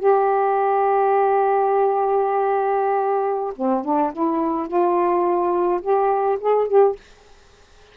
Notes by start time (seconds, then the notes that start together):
0.00 G4
3.57 C4
3.85 D4
4.13 E4
4.68 F4
5.82 G4
6.41 G#4
6.68 G4